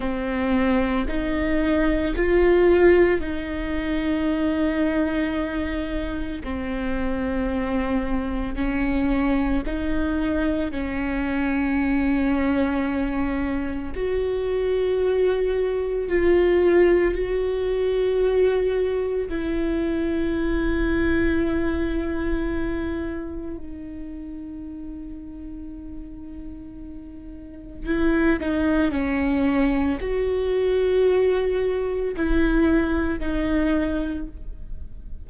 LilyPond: \new Staff \with { instrumentName = "viola" } { \time 4/4 \tempo 4 = 56 c'4 dis'4 f'4 dis'4~ | dis'2 c'2 | cis'4 dis'4 cis'2~ | cis'4 fis'2 f'4 |
fis'2 e'2~ | e'2 dis'2~ | dis'2 e'8 dis'8 cis'4 | fis'2 e'4 dis'4 | }